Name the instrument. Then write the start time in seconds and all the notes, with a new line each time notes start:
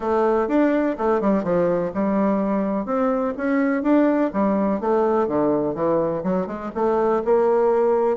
bassoon
0.00 A3
0.48 D4
0.98 A3
1.20 G3
1.43 F3
1.94 G3
2.85 C4
3.37 C#4
3.82 D4
4.33 G3
4.80 A3
5.27 D3
5.74 E3
6.23 F#3
6.47 G#3
6.74 A3
7.24 A#3